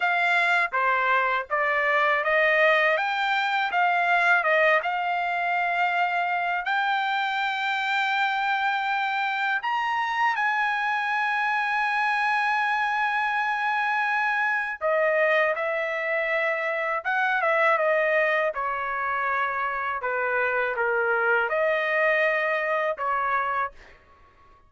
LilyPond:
\new Staff \with { instrumentName = "trumpet" } { \time 4/4 \tempo 4 = 81 f''4 c''4 d''4 dis''4 | g''4 f''4 dis''8 f''4.~ | f''4 g''2.~ | g''4 ais''4 gis''2~ |
gis''1 | dis''4 e''2 fis''8 e''8 | dis''4 cis''2 b'4 | ais'4 dis''2 cis''4 | }